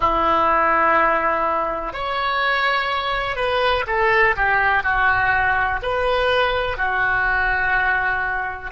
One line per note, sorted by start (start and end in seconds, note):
0.00 1.93 E4
1.93 3.36 C#5
3.36 3.84 B4
3.87 4.35 A4
4.36 4.83 G4
4.83 5.80 F#4
5.82 6.77 B4
6.77 8.71 F#4